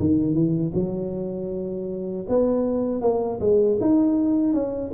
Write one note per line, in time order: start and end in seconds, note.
0.00 0.34 D#3
0.34 0.72 E3
0.75 2.26 F#3
2.29 3.01 B3
3.01 3.39 A#3
3.40 3.78 G#3
3.81 4.53 D#4
4.53 4.91 C#4